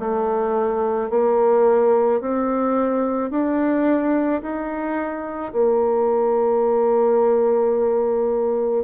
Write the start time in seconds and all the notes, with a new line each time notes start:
0.00 A3
1.11 A#3
2.21 C4
3.31 D4
4.42 D#4
5.53 A#3